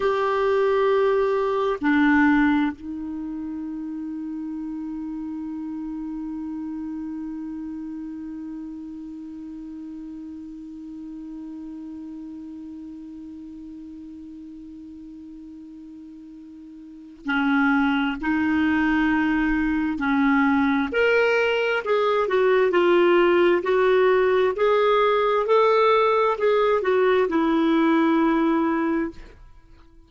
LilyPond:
\new Staff \with { instrumentName = "clarinet" } { \time 4/4 \tempo 4 = 66 g'2 d'4 dis'4~ | dis'1~ | dis'1~ | dis'1~ |
dis'2. cis'4 | dis'2 cis'4 ais'4 | gis'8 fis'8 f'4 fis'4 gis'4 | a'4 gis'8 fis'8 e'2 | }